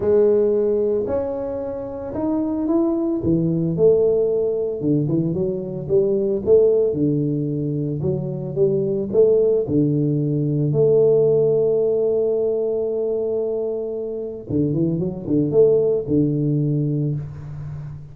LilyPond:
\new Staff \with { instrumentName = "tuba" } { \time 4/4 \tempo 4 = 112 gis2 cis'2 | dis'4 e'4 e4 a4~ | a4 d8 e8 fis4 g4 | a4 d2 fis4 |
g4 a4 d2 | a1~ | a2. d8 e8 | fis8 d8 a4 d2 | }